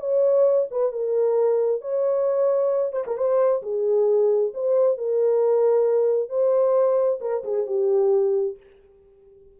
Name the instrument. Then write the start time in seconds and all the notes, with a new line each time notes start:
horn
0.00 C#5
0.71 B4
0.92 A#4
1.81 C#5
2.93 C5
3.07 A#4
3.17 C5
3.63 G#4
4.54 C5
4.98 A#4
6.29 C5
7.21 A#4
7.44 G#4
7.67 G4